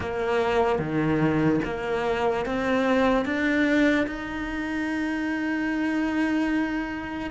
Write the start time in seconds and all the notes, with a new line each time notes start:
0.00 A#3
0.79 D#3
1.64 A#3
2.45 C4
3.25 D4
4.06 D#4